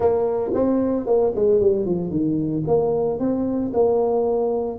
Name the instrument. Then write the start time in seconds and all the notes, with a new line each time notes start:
tuba
0.00 A#3
0.53 C4
1.06 A#3
1.35 G#3
1.60 G3
1.85 F3
2.10 D#3
2.67 A#3
3.19 C4
3.73 A#3